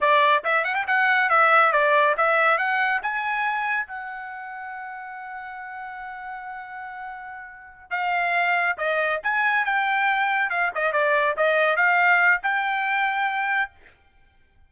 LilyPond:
\new Staff \with { instrumentName = "trumpet" } { \time 4/4 \tempo 4 = 140 d''4 e''8 fis''16 g''16 fis''4 e''4 | d''4 e''4 fis''4 gis''4~ | gis''4 fis''2.~ | fis''1~ |
fis''2~ fis''8 f''4.~ | f''8 dis''4 gis''4 g''4.~ | g''8 f''8 dis''8 d''4 dis''4 f''8~ | f''4 g''2. | }